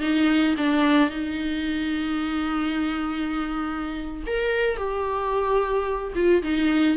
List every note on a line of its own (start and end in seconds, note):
0.00 0.55 D#4
0.57 1.10 D4
1.10 4.23 D#4
4.26 4.77 A#4
4.77 6.13 G4
6.15 6.42 F4
6.42 6.97 D#4